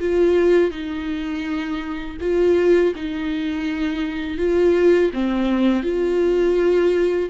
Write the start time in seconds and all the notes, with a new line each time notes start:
0.00 F4
0.71 D#4
2.21 F4
2.96 D#4
4.38 F4
5.14 C4
5.83 F4